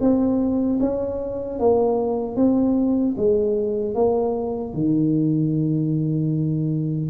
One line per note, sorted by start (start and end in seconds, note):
0.00 0.79 C4
0.80 1.59 C#4
1.59 2.36 A#3
2.36 3.15 C4
3.17 3.94 G#3
3.94 4.73 A#3
4.74 7.10 D#3